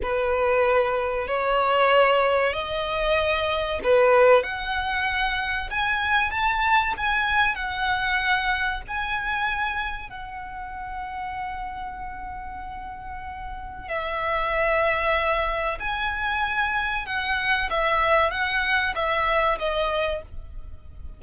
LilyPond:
\new Staff \with { instrumentName = "violin" } { \time 4/4 \tempo 4 = 95 b'2 cis''2 | dis''2 b'4 fis''4~ | fis''4 gis''4 a''4 gis''4 | fis''2 gis''2 |
fis''1~ | fis''2 e''2~ | e''4 gis''2 fis''4 | e''4 fis''4 e''4 dis''4 | }